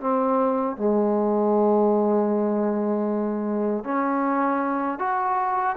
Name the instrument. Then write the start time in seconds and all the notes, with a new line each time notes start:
trombone
0.00 C4
0.77 G#3
3.84 C#4
4.99 F#4